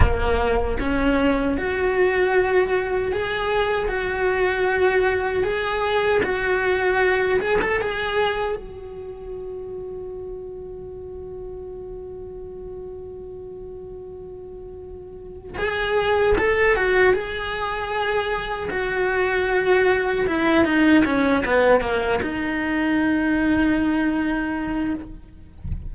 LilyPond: \new Staff \with { instrumentName = "cello" } { \time 4/4 \tempo 4 = 77 ais4 cis'4 fis'2 | gis'4 fis'2 gis'4 | fis'4. gis'16 a'16 gis'4 fis'4~ | fis'1~ |
fis'1 | gis'4 a'8 fis'8 gis'2 | fis'2 e'8 dis'8 cis'8 b8 | ais8 dis'2.~ dis'8 | }